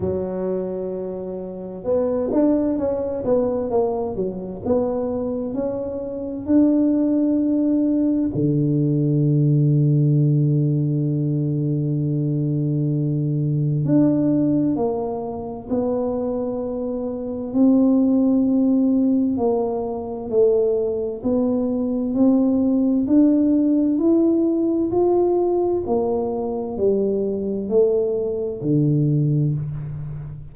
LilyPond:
\new Staff \with { instrumentName = "tuba" } { \time 4/4 \tempo 4 = 65 fis2 b8 d'8 cis'8 b8 | ais8 fis8 b4 cis'4 d'4~ | d'4 d2.~ | d2. d'4 |
ais4 b2 c'4~ | c'4 ais4 a4 b4 | c'4 d'4 e'4 f'4 | ais4 g4 a4 d4 | }